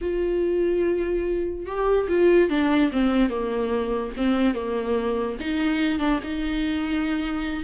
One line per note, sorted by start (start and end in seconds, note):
0.01 1.66 F4
1.66 2.07 G4
2.08 2.49 F4
2.49 2.91 D4
2.92 3.29 C4
3.29 4.12 A#3
4.16 4.54 C4
4.54 5.37 A#3
5.40 5.99 D#4
5.99 6.19 D4
6.23 7.63 D#4